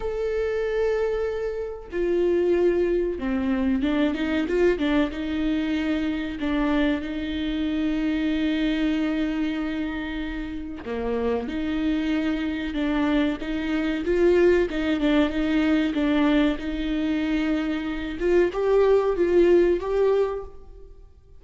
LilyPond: \new Staff \with { instrumentName = "viola" } { \time 4/4 \tempo 4 = 94 a'2. f'4~ | f'4 c'4 d'8 dis'8 f'8 d'8 | dis'2 d'4 dis'4~ | dis'1~ |
dis'4 ais4 dis'2 | d'4 dis'4 f'4 dis'8 d'8 | dis'4 d'4 dis'2~ | dis'8 f'8 g'4 f'4 g'4 | }